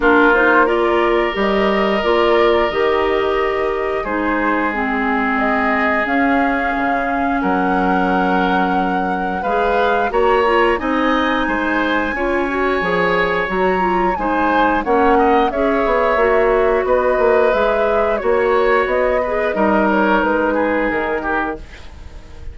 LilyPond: <<
  \new Staff \with { instrumentName = "flute" } { \time 4/4 \tempo 4 = 89 ais'8 c''8 d''4 dis''4 d''4 | dis''2 c''4 gis'4 | dis''4 f''2 fis''4~ | fis''2 f''4 ais''4 |
gis''1 | ais''4 gis''4 fis''4 e''4~ | e''4 dis''4 e''4 cis''4 | dis''4. cis''8 b'4 ais'4 | }
  \new Staff \with { instrumentName = "oboe" } { \time 4/4 f'4 ais'2.~ | ais'2 gis'2~ | gis'2. ais'4~ | ais'2 b'4 cis''4 |
dis''4 c''4 cis''2~ | cis''4 c''4 cis''8 dis''8 cis''4~ | cis''4 b'2 cis''4~ | cis''8 b'8 ais'4. gis'4 g'8 | }
  \new Staff \with { instrumentName = "clarinet" } { \time 4/4 d'8 dis'8 f'4 g'4 f'4 | g'2 dis'4 c'4~ | c'4 cis'2.~ | cis'2 gis'4 fis'8 f'8 |
dis'2 f'8 fis'8 gis'4 | fis'8 f'8 dis'4 cis'4 gis'4 | fis'2 gis'4 fis'4~ | fis'8 gis'8 dis'2. | }
  \new Staff \with { instrumentName = "bassoon" } { \time 4/4 ais2 g4 ais4 | dis2 gis2~ | gis4 cis'4 cis4 fis4~ | fis2 gis4 ais4 |
c'4 gis4 cis'4 f4 | fis4 gis4 ais4 cis'8 b8 | ais4 b8 ais8 gis4 ais4 | b4 g4 gis4 dis4 | }
>>